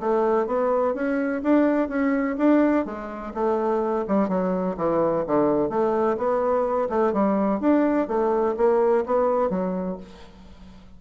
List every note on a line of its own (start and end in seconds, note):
0.00 0.47 A3
0.47 0.94 B3
0.94 1.42 C#4
1.43 1.89 D4
1.89 2.37 C#4
2.38 2.86 D4
2.86 3.33 G#3
3.34 4.06 A3
4.08 4.29 G3
4.29 4.77 F#3
4.77 5.25 E3
5.27 5.70 D3
5.70 6.17 A3
6.18 6.89 B3
6.90 7.13 A3
7.13 7.61 G3
7.61 8.08 D4
8.08 8.56 A3
8.58 9.05 A#3
9.06 9.50 B3
9.50 9.98 F#3